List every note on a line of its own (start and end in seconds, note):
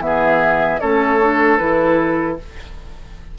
0.00 0.79 E3
0.00 0.79 B3
0.00 0.80 E5
0.07 0.81 G#4
0.80 1.60 A3
0.80 1.20 C#4
0.80 2.39 A4
0.80 1.58 C#5
1.20 1.59 D4
1.58 2.38 E3
1.58 2.38 E4
1.58 2.37 B4